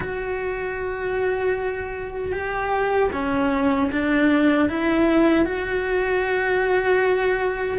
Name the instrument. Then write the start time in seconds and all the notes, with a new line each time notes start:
cello
0.00 F#4
2.32 G4
3.12 C#4
3.91 D4
4.69 E4
5.45 F#4